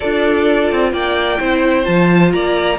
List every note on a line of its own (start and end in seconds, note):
0.00 0.71 D4
0.00 1.38 F4
0.00 0.91 A4
0.00 0.93 D5
0.71 0.93 C4
0.93 1.39 A#3
0.93 1.39 D5
0.93 1.84 G5
1.38 1.86 C4
1.38 1.83 E4
1.38 2.32 C5
1.83 2.33 F3
1.83 2.76 F4
1.83 2.31 A5
2.31 2.78 A#3
2.31 2.78 D5
2.31 2.78 A#5